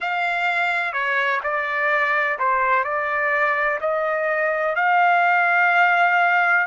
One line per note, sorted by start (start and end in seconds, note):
0.00 0.93 F5
0.93 1.40 C#5
1.43 2.38 D5
2.38 2.84 C5
2.84 3.79 D5
3.81 4.75 D#5
4.75 6.66 F5